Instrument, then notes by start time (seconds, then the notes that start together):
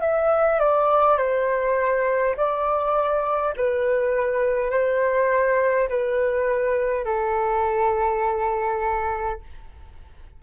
flute
0.00 E5
0.59 D5
1.18 C5
2.36 D5
3.56 B4
4.71 C5
5.89 B4
7.05 A4